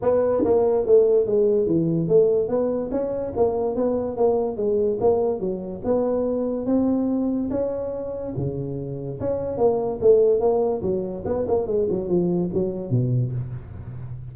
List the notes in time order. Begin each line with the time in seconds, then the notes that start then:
0.02 B3
0.44 A#3
0.85 A3
1.26 G#3
1.66 E3
2.08 A3
2.48 B3
2.91 C#4
3.36 A#3
3.75 B3
4.16 A#3
4.56 G#3
5.00 A#3
5.39 F#3
5.84 B3
6.66 C4
7.50 C#4
8.36 C#3
9.20 C#4
9.57 A#3
10.01 A3
10.39 A#3
10.82 F#3
11.25 B3
11.47 A#3
11.66 G#3
11.89 F#3
12.08 F3
12.53 F#3
12.90 B2